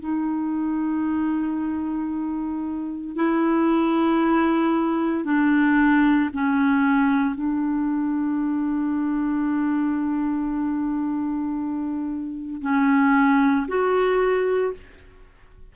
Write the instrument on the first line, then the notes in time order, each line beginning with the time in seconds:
clarinet
0.00 D#4
3.16 E4
5.24 D4
6.33 C#4
7.34 D4
12.61 C#4
13.67 F#4